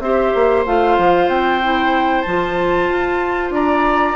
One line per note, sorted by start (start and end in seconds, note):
0.00 0.32 C4
0.00 0.66 G4
0.00 3.55 C5
0.00 0.64 E5
0.35 0.66 A#3
0.66 0.98 A3
0.66 1.62 F4
0.66 1.29 F5
0.98 1.28 F3
1.28 2.24 C4
1.28 2.22 G5
1.62 2.26 E4
2.22 2.89 F3
2.22 3.50 A5
2.28 4.16 F4
2.89 3.51 F4
3.51 4.14 D4
3.51 4.16 D5
3.51 4.16 A#5